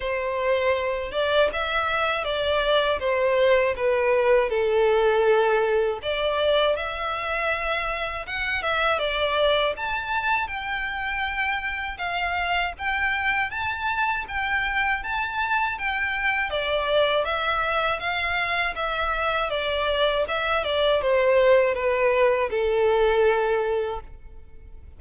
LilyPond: \new Staff \with { instrumentName = "violin" } { \time 4/4 \tempo 4 = 80 c''4. d''8 e''4 d''4 | c''4 b'4 a'2 | d''4 e''2 fis''8 e''8 | d''4 a''4 g''2 |
f''4 g''4 a''4 g''4 | a''4 g''4 d''4 e''4 | f''4 e''4 d''4 e''8 d''8 | c''4 b'4 a'2 | }